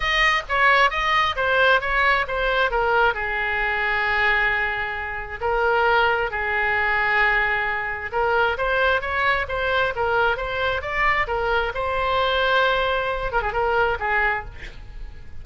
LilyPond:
\new Staff \with { instrumentName = "oboe" } { \time 4/4 \tempo 4 = 133 dis''4 cis''4 dis''4 c''4 | cis''4 c''4 ais'4 gis'4~ | gis'1 | ais'2 gis'2~ |
gis'2 ais'4 c''4 | cis''4 c''4 ais'4 c''4 | d''4 ais'4 c''2~ | c''4. ais'16 gis'16 ais'4 gis'4 | }